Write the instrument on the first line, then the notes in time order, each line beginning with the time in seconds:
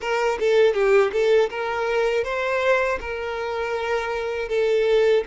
violin
0.00 A#4
0.40 A4
0.73 G4
1.12 A4
1.50 A#4
2.23 C5
3.00 A#4
4.49 A4